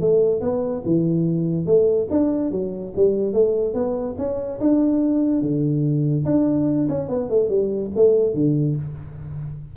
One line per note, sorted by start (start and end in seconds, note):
0.00 0.41 A3
0.41 0.82 B3
0.85 1.66 E3
1.66 2.07 A3
2.10 2.51 D4
2.51 2.93 F#3
2.96 3.33 G3
3.33 3.74 A3
3.74 4.15 B3
4.18 4.60 C#4
4.60 5.41 D4
5.41 6.25 D3
6.25 6.87 D4
6.88 7.09 C#4
7.09 7.30 B3
7.30 7.49 A3
7.49 7.91 G3
7.95 8.34 A3
8.34 8.76 D3